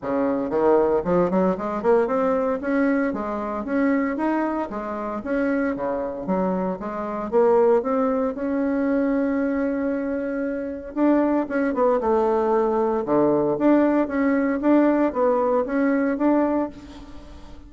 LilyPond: \new Staff \with { instrumentName = "bassoon" } { \time 4/4 \tempo 4 = 115 cis4 dis4 f8 fis8 gis8 ais8 | c'4 cis'4 gis4 cis'4 | dis'4 gis4 cis'4 cis4 | fis4 gis4 ais4 c'4 |
cis'1~ | cis'4 d'4 cis'8 b8 a4~ | a4 d4 d'4 cis'4 | d'4 b4 cis'4 d'4 | }